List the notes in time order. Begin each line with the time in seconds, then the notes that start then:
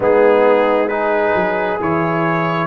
0.00 G#3 B3 D#4 G#4
0.88 D#4 G#4 B4
1.34 F#3
1.80 E3 E4 C#5